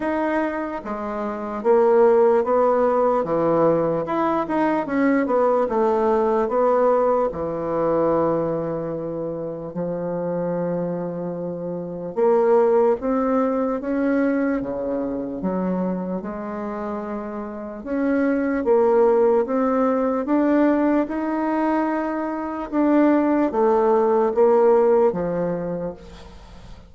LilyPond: \new Staff \with { instrumentName = "bassoon" } { \time 4/4 \tempo 4 = 74 dis'4 gis4 ais4 b4 | e4 e'8 dis'8 cis'8 b8 a4 | b4 e2. | f2. ais4 |
c'4 cis'4 cis4 fis4 | gis2 cis'4 ais4 | c'4 d'4 dis'2 | d'4 a4 ais4 f4 | }